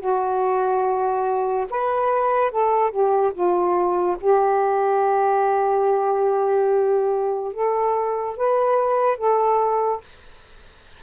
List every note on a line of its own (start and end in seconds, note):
0.00 1.67 F#4
1.70 2.51 B4
2.51 2.91 A4
2.91 3.32 G4
3.34 4.17 F4
4.20 7.53 G4
7.53 8.37 A4
8.37 9.18 B4
9.18 10.01 A4